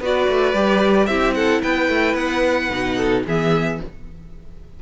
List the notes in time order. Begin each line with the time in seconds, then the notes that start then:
0.00 B3 F#4 B4 D5
0.29 A3
0.54 G3 G4
1.06 C4 E4 G4 E5
1.35 A4 F#5
1.62 B3 B4 G5
1.89 A3
2.15 B3 F#5
2.71 B2 D#4
2.97 A4
3.26 E3 B3 G#4 E5